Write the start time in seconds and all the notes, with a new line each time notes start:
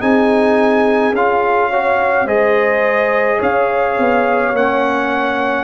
0.00 C4 D#4 G#4 G#5
1.12 C#4 F4 F5
1.70 F#4 C#5
2.25 G#3 G#4 C5 D#5
3.39 C#4 C#5 F5
3.98 B3
4.52 A#3 C#4 F#5